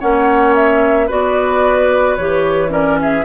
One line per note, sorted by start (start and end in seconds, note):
0.00 1.10 A#3
0.00 1.09 C#4
0.00 1.07 C#5
0.00 0.55 F#5
0.55 1.09 E5
1.07 2.19 B3
1.07 2.18 F#4
1.07 2.71 B4
1.07 2.17 D5
2.17 3.25 E3
2.17 2.69 G4
2.17 2.71 C#5
2.69 3.24 C#4
2.69 2.99 A#4
2.69 2.99 D5
3.02 3.25 G#4
3.02 3.25 E5